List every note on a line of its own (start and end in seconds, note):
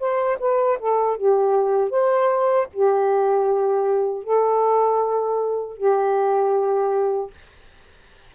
0.00 0.38 C5
0.40 0.79 B4
0.80 1.17 A4
1.17 1.91 G4
1.91 2.68 C5
2.73 4.24 G4
4.24 5.78 A4
5.78 7.31 G4